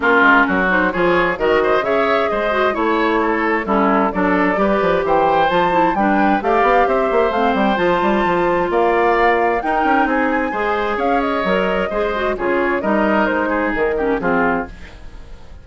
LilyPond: <<
  \new Staff \with { instrumentName = "flute" } { \time 4/4 \tempo 4 = 131 ais'4. c''8 cis''4 dis''4 | e''4 dis''4 cis''2 | a'4 d''2 g''4 | a''4 g''4 f''4 e''4 |
f''8 g''8 a''2 f''4~ | f''4 g''4 gis''2 | f''8 dis''2~ dis''8 cis''4 | dis''4 c''4 ais'4 gis'4 | }
  \new Staff \with { instrumentName = "oboe" } { \time 4/4 f'4 fis'4 gis'4 ais'8 c''8 | cis''4 c''4 cis''4 a'4 | e'4 a'4 b'4 c''4~ | c''4 b'4 d''4 c''4~ |
c''2. d''4~ | d''4 ais'4 gis'4 c''4 | cis''2 c''4 gis'4 | ais'4. gis'4 g'8 f'4 | }
  \new Staff \with { instrumentName = "clarinet" } { \time 4/4 cis'4. dis'8 f'4 fis'4 | gis'4. fis'8 e'2 | cis'4 d'4 g'2 | f'8 e'8 d'4 g'2 |
c'4 f'2.~ | f'4 dis'2 gis'4~ | gis'4 ais'4 gis'8 fis'8 f'4 | dis'2~ dis'8 cis'8 c'4 | }
  \new Staff \with { instrumentName = "bassoon" } { \time 4/4 ais8 gis8 fis4 f4 dis4 | cis4 gis4 a2 | g4 fis4 g8 f8 e4 | f4 g4 a8 b8 c'8 ais8 |
a8 g8 f8 g8 f4 ais4~ | ais4 dis'8 cis'8 c'4 gis4 | cis'4 fis4 gis4 cis4 | g4 gis4 dis4 f4 | }
>>